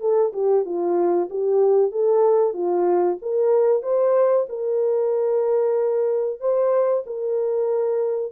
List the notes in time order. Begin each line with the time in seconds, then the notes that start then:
0.00 A4
0.32 G4
0.65 F4
1.29 G4
1.91 A4
2.53 F4
3.21 A#4
3.82 C5
4.49 A#4
6.40 C5
7.06 A#4